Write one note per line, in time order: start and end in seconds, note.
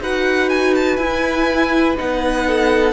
0.00 0.97 D#4
0.00 1.01 F#4
0.00 2.47 B4
0.00 0.50 F#5
0.50 0.75 G#5
0.76 0.97 A5
0.97 1.96 E4
0.97 1.97 E4
0.97 1.95 G#5
1.97 2.94 B3
1.97 2.94 D#4
1.97 2.94 F#5
2.47 2.94 A4